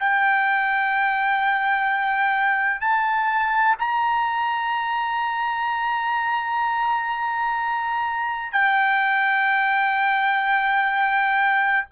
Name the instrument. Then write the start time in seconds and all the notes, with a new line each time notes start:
trumpet
0.00 G5
2.81 A5
3.79 A#5
8.52 G5